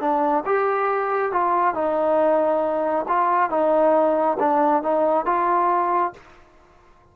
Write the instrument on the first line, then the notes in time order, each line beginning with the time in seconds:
trombone
0.00 D4
0.45 G4
1.32 F4
1.74 D#4
3.08 F4
3.50 D#4
4.39 D4
4.82 D#4
5.25 F4